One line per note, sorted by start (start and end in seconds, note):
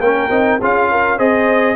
0.00 0.29 A#3
0.00 0.30 C#4
0.00 0.61 A#4
0.00 0.59 G5
0.30 0.59 C4
0.30 0.59 D#4
0.61 1.19 C#4
0.61 1.18 F4
0.61 0.90 G#4
0.61 1.19 F5
0.91 1.18 A#4
1.18 1.76 C4
1.18 1.76 G#4
1.18 1.76 C5
1.18 1.76 D#5